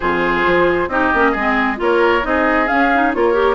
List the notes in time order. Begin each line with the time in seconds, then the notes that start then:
0.00 F2 F4 G#4 C5
0.46 F3
0.88 C4 D#4 G4 D#5
1.13 A#3 C#4
1.31 G#3 G#4
1.38 C4
1.76 A#3 F4
1.82 A#4 C#5
2.22 C4 D#4 G#4 D#5
2.66 C#4 F5
2.94 D#4
3.13 A#3 F4 A#4 C#5
3.33 G4